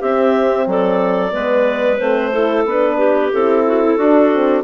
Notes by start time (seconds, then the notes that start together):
0.00 C4 G4 E5
0.67 F#3 A4 D5
1.32 G#3 B3 B4
1.98 A3 C4 C5
2.32 E4 A4
2.66 B3 D4 B4
2.98 G4
3.33 C4 E4 A4
3.67 F#4
3.84 E4
3.98 D4 F#4
4.31 C4